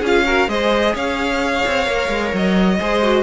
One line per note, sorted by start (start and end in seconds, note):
0.00 0.48 C#4
0.00 0.27 F4
0.00 0.23 G#4
0.06 0.49 F5
0.26 0.49 F#4
0.26 0.50 A#4
0.48 0.94 G#3
0.48 1.85 G#4
0.48 0.95 C5
0.48 0.95 D#5
0.95 1.64 C#4
0.95 2.79 C#5
0.95 2.35 F5
1.66 1.87 C4
1.85 2.09 A#3
1.85 2.78 A#4
2.09 2.32 G#3
2.34 2.80 F#3
2.34 3.23 D#5
2.79 3.23 G#3
2.79 3.03 G#4
2.79 3.23 C5
3.03 3.23 F#4